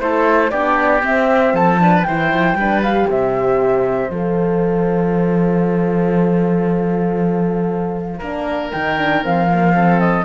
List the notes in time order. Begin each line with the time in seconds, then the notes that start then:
0.00 A3 E4 A4 C5
0.51 B3 D4 G4 D5
1.02 C4 E5
1.53 F3 A4 A5
1.79 D4 B4
2.04 E3 E4 C5 G5
2.33 F3
2.54 G3 D4 B4
2.83 G4 F5
3.09 C3 C5 E5
4.10 F3 A4 F5
8.19 A#3 D4 A#4
8.72 D#3 D#4 G5
8.98 D4
9.23 F3 C4 F5
9.50 A#3
9.74 C4 A4
10.00 D#5